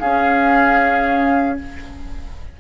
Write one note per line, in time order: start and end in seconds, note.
0.00 1.59 C#4
0.00 1.60 C#4
0.00 1.59 G#4
0.00 1.58 F5